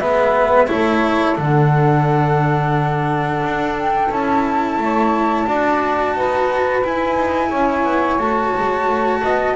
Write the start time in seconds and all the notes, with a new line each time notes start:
0.00 G#3 B3 B4 E5
0.68 A3 E4 A4 C#5
1.36 D3 D4 F#5
3.44 D4
3.78 G5
4.11 C#4 E4 A5
4.78 A3 C#5
5.47 D4 F#4 D5
6.14 D#4 B4
6.83 E4 G#5
7.17 D#4
7.49 C#4 C#5
7.84 B3
8.19 A3 F#4 A5
8.58 G#3
8.88 A3
9.23 B3 D#5